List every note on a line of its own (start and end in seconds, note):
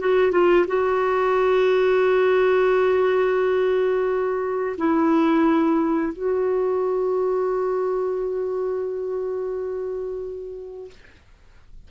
0.00 0.32 F#4
0.32 0.66 F4
0.68 4.77 F#4
4.78 6.13 E4
6.13 10.91 F#4